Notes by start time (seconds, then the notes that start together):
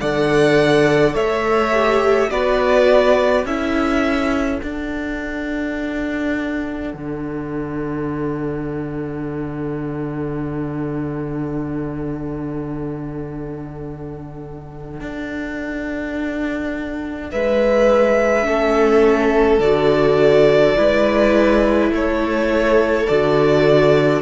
0.00 D3 A4 D5 F#5
1.14 A3 C#5 E5
1.72 G4
2.30 B3 F#4 B4 D5
3.45 C#4 E4 A4 E5
4.60 D4 F#5
6.94 D3
15.00 D4
17.31 G#3 B4 E5
18.43 A3 C#4 A4
19.59 D3 F#4 D5
20.76 G#3 E4 B4
21.91 A3 A4 C#5
23.06 D3 F#4 D5